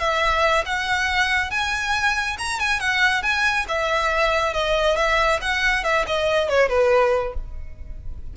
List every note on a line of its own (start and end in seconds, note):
0.00 0.65 E5
0.66 1.51 F#5
1.51 2.37 G#5
2.38 2.60 A#5
2.60 2.80 G#5
2.80 3.23 F#5
3.23 3.66 G#5
3.69 4.54 E5
4.54 4.97 D#5
4.97 5.40 E5
5.42 5.84 F#5
5.84 6.05 E5
6.07 6.49 D#5
6.49 6.69 C#5
6.69 7.34 B4